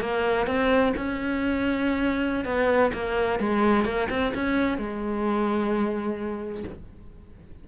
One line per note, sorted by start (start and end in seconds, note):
0.00 0.46 A#3
0.46 0.93 C4
0.96 2.45 C#4
2.45 2.91 B3
2.93 3.39 A#3
3.39 3.84 G#3
3.84 4.08 A#3
4.09 4.33 C4
4.34 4.77 C#4
4.77 6.63 G#3